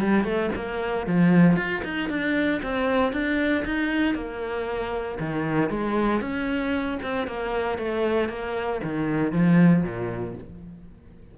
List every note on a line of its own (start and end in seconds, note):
0.00 0.24 G3
0.24 0.50 A3
0.55 1.06 A#3
1.06 1.56 F3
1.56 1.82 F4
1.84 2.09 D#4
2.09 2.61 D4
2.62 3.12 C4
3.12 3.64 D4
3.64 4.14 D#4
4.14 5.18 A#3
5.19 5.69 D#3
5.69 6.20 G#3
6.20 6.98 C#4
7.02 7.27 C4
7.27 7.78 A#3
7.78 8.29 A3
8.29 8.80 A#3
8.83 9.32 D#3
9.32 9.83 F3
9.83 10.34 A#2